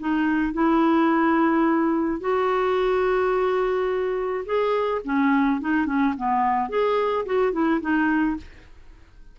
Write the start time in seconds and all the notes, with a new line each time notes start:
0.00 D#4
0.54 E4
2.21 F#4
4.46 G#4
5.05 C#4
5.61 D#4
5.86 C#4
6.17 B3
6.70 G#4
7.26 F#4
7.53 E4
7.81 D#4